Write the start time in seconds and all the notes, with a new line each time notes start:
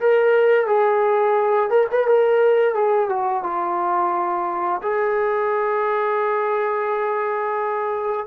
0.00 A#4
0.67 G#4
1.70 A#4
1.92 B4
2.07 A#4
2.75 G#4
3.09 F#4
3.43 F4
4.82 G#4